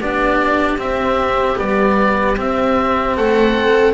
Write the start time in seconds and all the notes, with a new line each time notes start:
0.00 B3 D4 G4 D5
0.77 C4 E5
1.56 G3 B3 D5
2.36 C4 E5
3.17 A3 A4 F#5